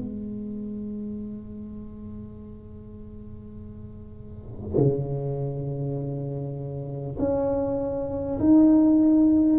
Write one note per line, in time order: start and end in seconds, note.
0.00 4.77 G#3
4.77 7.17 C#3
7.19 8.39 C#4
8.40 9.59 D#4